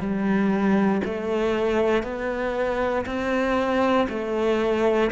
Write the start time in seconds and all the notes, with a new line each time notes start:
0.00 G3
1.05 A3
2.03 B3
3.06 C4
4.10 A3